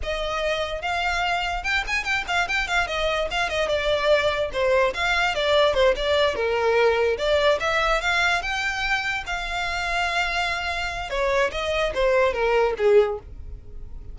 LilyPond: \new Staff \with { instrumentName = "violin" } { \time 4/4 \tempo 4 = 146 dis''2 f''2 | g''8 gis''8 g''8 f''8 g''8 f''8 dis''4 | f''8 dis''8 d''2 c''4 | f''4 d''4 c''8 d''4 ais'8~ |
ais'4. d''4 e''4 f''8~ | f''8 g''2 f''4.~ | f''2. cis''4 | dis''4 c''4 ais'4 gis'4 | }